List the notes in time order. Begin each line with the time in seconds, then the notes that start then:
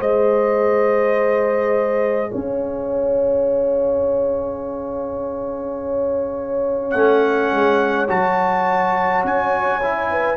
0.00 G#3 G#4 C5 D#5
2.31 C#4 C#5 F5
6.91 A3 C#4 F#5
7.52 G#3
8.08 F#3 F#4 A5
9.24 C#4 G#5
9.83 E4
10.11 B4